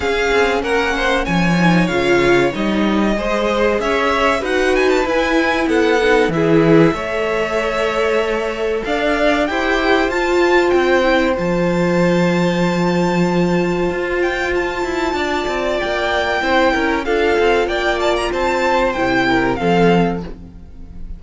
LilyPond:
<<
  \new Staff \with { instrumentName = "violin" } { \time 4/4 \tempo 4 = 95 f''4 fis''4 gis''4 f''4 | dis''2 e''4 fis''8 gis''16 a''16 | gis''4 fis''4 e''2~ | e''2 f''4 g''4 |
a''4 g''4 a''2~ | a''2~ a''8 g''8 a''4~ | a''4 g''2 f''4 | g''8 a''16 ais''16 a''4 g''4 f''4 | }
  \new Staff \with { instrumentName = "violin" } { \time 4/4 gis'4 ais'8 c''8 cis''2~ | cis''4 c''4 cis''4 b'4~ | b'4 a'4 gis'4 cis''4~ | cis''2 d''4 c''4~ |
c''1~ | c''1 | d''2 c''8 ais'8 a'4 | d''4 c''4. ais'8 a'4 | }
  \new Staff \with { instrumentName = "viola" } { \time 4/4 cis'2~ cis'8 dis'8 f'4 | dis'4 gis'2 fis'4 | e'4. dis'8 e'4 a'4~ | a'2. g'4 |
f'4. e'8 f'2~ | f'1~ | f'2 e'4 f'4~ | f'2 e'4 c'4 | }
  \new Staff \with { instrumentName = "cello" } { \time 4/4 cis'8 c'8 ais4 f4 cis4 | g4 gis4 cis'4 dis'4 | e'4 b4 e4 a4~ | a2 d'4 e'4 |
f'4 c'4 f2~ | f2 f'4. e'8 | d'8 c'8 ais4 c'8 cis'8 d'8 c'8 | ais4 c'4 c4 f4 | }
>>